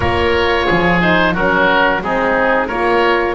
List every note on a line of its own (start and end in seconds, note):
0.00 0.67 A#3
0.00 1.00 F4
0.00 0.66 A#4
0.00 1.01 C#5
0.66 1.34 F3
0.66 1.33 G#4
1.00 1.34 D#4
1.00 1.34 C5
1.33 2.02 F#3
1.33 2.02 C#4
1.33 2.01 F#4
1.33 2.03 A#4
2.02 2.69 G#3
2.02 2.69 C4
2.02 2.67 D#4
2.02 2.68 G#4
2.67 3.34 A#3
2.67 3.34 F4
2.67 3.34 A#4
2.67 3.34 C#5